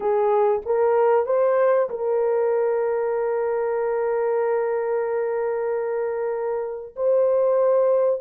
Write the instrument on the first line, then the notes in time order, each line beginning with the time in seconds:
horn
0.00 G#4
0.65 A#4
1.26 C5
1.89 A#4
6.96 C5